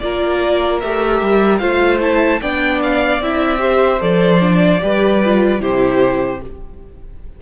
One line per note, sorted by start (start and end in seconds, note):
0.00 0.83 A#3
0.00 0.83 F4
0.00 1.61 A#4
0.00 0.80 D5
0.81 1.22 A3
0.81 1.61 G4
0.81 1.59 E5
1.22 1.61 G3
1.59 2.41 A3
1.59 2.01 F4
1.59 2.41 C5
1.59 1.99 F5
2.01 2.41 E4
2.01 2.42 A5
2.42 3.21 B3
2.42 3.22 D4
2.42 3.62 D5
2.42 2.82 G5
2.83 3.23 F5
3.21 4.00 C4
3.21 3.59 E4
3.21 4.02 E5
3.59 3.99 G4
3.59 4.82 C5
4.00 4.82 F3
4.00 4.41 A4
4.00 5.62 D5
4.41 4.81 D4
4.81 5.61 G3
4.81 5.21 G4
4.81 5.62 B4
5.25 5.60 F4
5.60 6.41 C3
5.60 6.40 E4
5.60 6.42 G4
5.60 6.42 C5